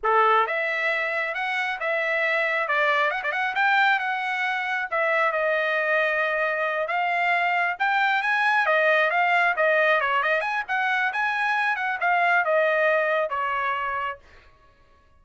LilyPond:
\new Staff \with { instrumentName = "trumpet" } { \time 4/4 \tempo 4 = 135 a'4 e''2 fis''4 | e''2 d''4 fis''16 d''16 fis''8 | g''4 fis''2 e''4 | dis''2.~ dis''8 f''8~ |
f''4. g''4 gis''4 dis''8~ | dis''8 f''4 dis''4 cis''8 dis''8 gis''8 | fis''4 gis''4. fis''8 f''4 | dis''2 cis''2 | }